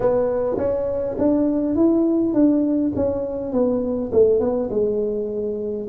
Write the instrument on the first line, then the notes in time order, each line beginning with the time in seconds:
tuba
0.00 B3
0.57 C#4
1.18 D4
1.75 E4
2.33 D4
2.95 C#4
3.52 B3
4.12 A3
4.40 B3
4.70 G#3